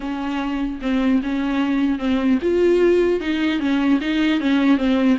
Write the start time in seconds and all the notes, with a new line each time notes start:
0.00 C#4
0.81 C4
1.22 C#4
1.98 C4
2.42 F4
3.20 D#4
3.59 C#4
4.00 D#4
4.40 C#4
4.77 C4